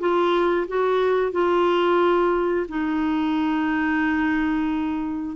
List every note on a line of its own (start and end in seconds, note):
0.00 0.67 F4
0.68 1.32 F#4
1.32 2.67 F4
2.69 5.37 D#4